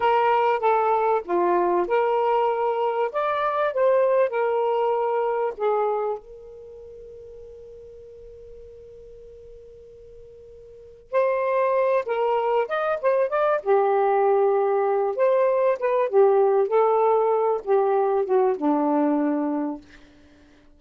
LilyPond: \new Staff \with { instrumentName = "saxophone" } { \time 4/4 \tempo 4 = 97 ais'4 a'4 f'4 ais'4~ | ais'4 d''4 c''4 ais'4~ | ais'4 gis'4 ais'2~ | ais'1~ |
ais'2 c''4. ais'8~ | ais'8 dis''8 c''8 d''8 g'2~ | g'8 c''4 b'8 g'4 a'4~ | a'8 g'4 fis'8 d'2 | }